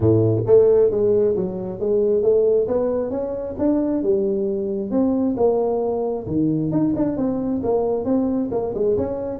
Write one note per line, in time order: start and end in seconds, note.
0.00 0.43 A2
0.46 0.91 A3
0.91 1.35 G#3
1.36 1.79 F#3
1.79 2.22 G#3
2.22 2.67 A3
2.67 3.10 B3
3.10 3.55 C#4
3.58 4.02 D4
4.02 4.90 G3
4.90 5.35 C4
5.36 6.26 A#3
6.26 6.71 D#3
6.71 6.94 D#4
6.96 7.16 D4
7.16 7.61 C4
7.63 8.05 A#3
8.05 8.49 C4
8.51 8.73 A#3
8.74 8.97 G#3
8.97 9.39 C#4